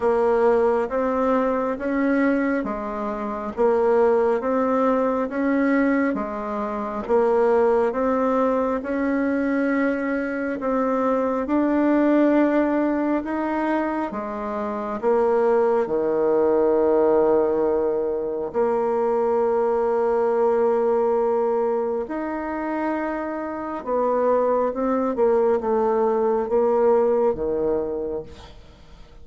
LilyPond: \new Staff \with { instrumentName = "bassoon" } { \time 4/4 \tempo 4 = 68 ais4 c'4 cis'4 gis4 | ais4 c'4 cis'4 gis4 | ais4 c'4 cis'2 | c'4 d'2 dis'4 |
gis4 ais4 dis2~ | dis4 ais2.~ | ais4 dis'2 b4 | c'8 ais8 a4 ais4 dis4 | }